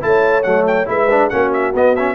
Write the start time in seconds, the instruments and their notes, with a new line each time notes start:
0.00 tuba A3, trombone E4, trumpet A5
0.06 horn C#5
0.43 tuba F#3, trombone A3, trumpet F#5
0.66 trumpet G5
0.85 tuba G#3, trombone E4, horn B4, trumpet E5
1.10 trombone D4
1.29 tuba A#3, trombone C#4, horn F#4, trumpet F#5
1.52 trumpet E5
1.73 tuba B3, trombone B3, trumpet D#5
1.95 trombone C#4, trumpet E5